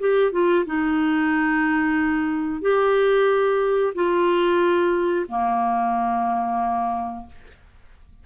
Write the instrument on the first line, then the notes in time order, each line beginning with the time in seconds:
clarinet
0.00 G4
0.32 F4
0.66 D#4
2.62 G4
3.95 F4
5.29 A#3